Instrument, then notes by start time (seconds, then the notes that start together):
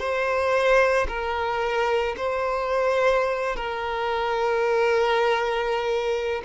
violin
0.00 C5
1.08 A#4
2.17 C5
3.56 A#4